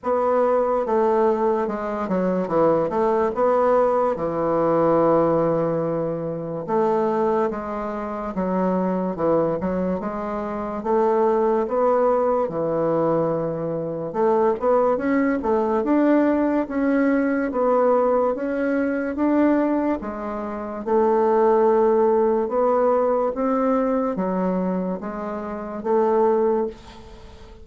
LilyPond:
\new Staff \with { instrumentName = "bassoon" } { \time 4/4 \tempo 4 = 72 b4 a4 gis8 fis8 e8 a8 | b4 e2. | a4 gis4 fis4 e8 fis8 | gis4 a4 b4 e4~ |
e4 a8 b8 cis'8 a8 d'4 | cis'4 b4 cis'4 d'4 | gis4 a2 b4 | c'4 fis4 gis4 a4 | }